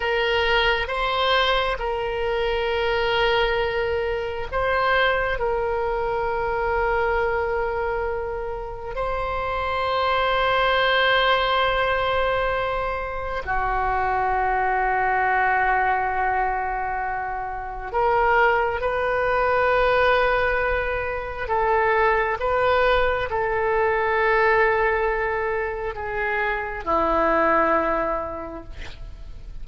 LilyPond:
\new Staff \with { instrumentName = "oboe" } { \time 4/4 \tempo 4 = 67 ais'4 c''4 ais'2~ | ais'4 c''4 ais'2~ | ais'2 c''2~ | c''2. fis'4~ |
fis'1 | ais'4 b'2. | a'4 b'4 a'2~ | a'4 gis'4 e'2 | }